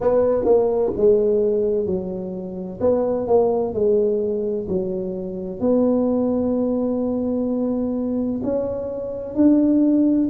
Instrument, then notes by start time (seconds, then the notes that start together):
tuba
0.00 B3
0.45 A#3
0.96 G#3
1.85 F#3
2.80 B3
3.27 A#3
3.73 G#3
4.68 F#3
5.60 B3
8.43 C#4
9.35 D4